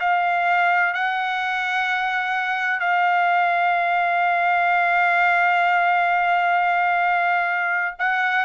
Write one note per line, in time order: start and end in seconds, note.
0.00 0.94 F5
0.94 2.80 F#5
2.80 7.96 F5
7.99 8.45 F#5